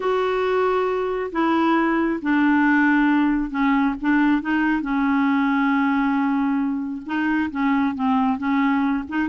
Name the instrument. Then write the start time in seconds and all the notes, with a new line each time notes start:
clarinet
0.00 F#4
1.31 E4
2.21 D4
3.50 C#4
4.01 D4
4.41 D#4
4.81 C#4
7.05 D#4
7.51 C#4
7.95 C4
8.37 C#4
9.08 D#4